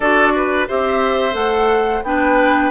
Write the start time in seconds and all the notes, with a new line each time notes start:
0.00 D4 F#4 A4 D5
0.36 B4
0.67 C4 G4 C5 E5
1.32 A3 A4 F#5
2.02 B3 D4 B4 G5